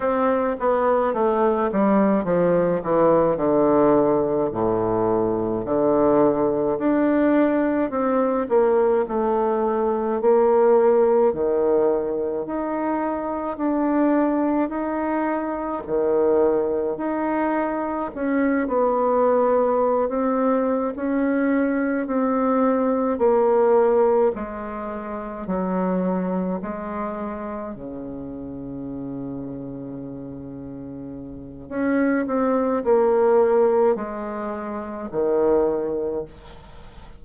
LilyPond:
\new Staff \with { instrumentName = "bassoon" } { \time 4/4 \tempo 4 = 53 c'8 b8 a8 g8 f8 e8 d4 | a,4 d4 d'4 c'8 ais8 | a4 ais4 dis4 dis'4 | d'4 dis'4 dis4 dis'4 |
cis'8 b4~ b16 c'8. cis'4 c'8~ | c'8 ais4 gis4 fis4 gis8~ | gis8 cis2.~ cis8 | cis'8 c'8 ais4 gis4 dis4 | }